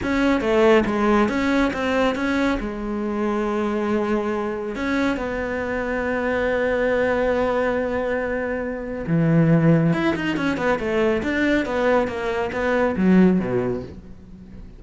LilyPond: \new Staff \with { instrumentName = "cello" } { \time 4/4 \tempo 4 = 139 cis'4 a4 gis4 cis'4 | c'4 cis'4 gis2~ | gis2. cis'4 | b1~ |
b1~ | b4 e2 e'8 dis'8 | cis'8 b8 a4 d'4 b4 | ais4 b4 fis4 b,4 | }